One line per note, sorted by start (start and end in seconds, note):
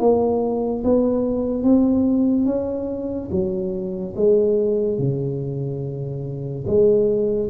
0.00 0.83 A#3
0.84 1.63 B3
1.63 2.46 C4
2.46 3.29 C#4
3.31 4.15 F#3
4.16 4.98 G#3
4.98 6.65 C#3
6.67 7.50 G#3